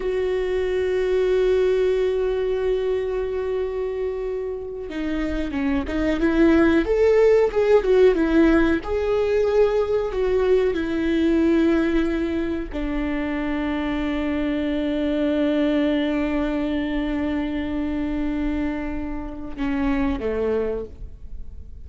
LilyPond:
\new Staff \with { instrumentName = "viola" } { \time 4/4 \tempo 4 = 92 fis'1~ | fis'2.~ fis'8 dis'8~ | dis'8 cis'8 dis'8 e'4 a'4 gis'8 | fis'8 e'4 gis'2 fis'8~ |
fis'8 e'2. d'8~ | d'1~ | d'1~ | d'2 cis'4 a4 | }